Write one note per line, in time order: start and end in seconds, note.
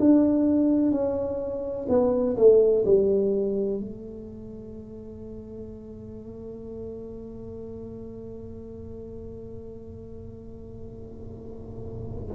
0.00 0.92 D4
0.92 1.87 C#4
1.89 2.36 B3
2.37 2.85 A3
2.85 3.81 G3
3.81 12.35 A3